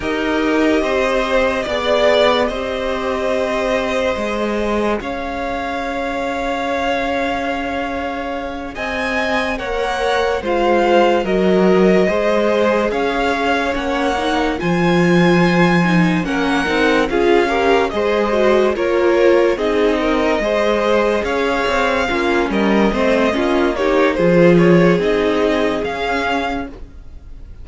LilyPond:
<<
  \new Staff \with { instrumentName = "violin" } { \time 4/4 \tempo 4 = 72 dis''2 d''4 dis''4~ | dis''2 f''2~ | f''2~ f''8 gis''4 fis''8~ | fis''8 f''4 dis''2 f''8~ |
f''8 fis''4 gis''2 fis''8~ | fis''8 f''4 dis''4 cis''4 dis''8~ | dis''4. f''4. dis''4~ | dis''8 cis''8 c''8 cis''8 dis''4 f''4 | }
  \new Staff \with { instrumentName = "violin" } { \time 4/4 ais'4 c''4 d''4 c''4~ | c''2 cis''2~ | cis''2~ cis''8 dis''4 cis''8~ | cis''8 c''4 ais'4 c''4 cis''8~ |
cis''4. c''2 ais'8~ | ais'8 gis'8 ais'8 c''4 ais'4 gis'8 | ais'8 c''4 cis''4 f'8 ais'8 c''8 | f'8 g'8 gis'2. | }
  \new Staff \with { instrumentName = "viola" } { \time 4/4 g'2 gis'4 g'4~ | g'4 gis'2.~ | gis'2.~ gis'8 ais'8~ | ais'8 f'4 fis'4 gis'4.~ |
gis'8 cis'8 dis'8 f'4. dis'8 cis'8 | dis'8 f'8 g'8 gis'8 fis'8 f'4 dis'8~ | dis'8 gis'2 cis'4 c'8 | cis'8 dis'8 f'4 dis'4 cis'4 | }
  \new Staff \with { instrumentName = "cello" } { \time 4/4 dis'4 c'4 b4 c'4~ | c'4 gis4 cis'2~ | cis'2~ cis'8 c'4 ais8~ | ais8 gis4 fis4 gis4 cis'8~ |
cis'8 ais4 f2 ais8 | c'8 cis'4 gis4 ais4 c'8~ | c'8 gis4 cis'8 c'8 ais8 g8 a8 | ais4 f4 c'4 cis'4 | }
>>